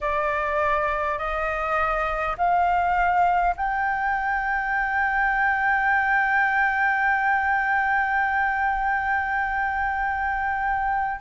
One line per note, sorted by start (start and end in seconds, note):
0.01 1.18 D5
1.18 2.35 D#5
2.37 3.55 F5
3.56 11.20 G5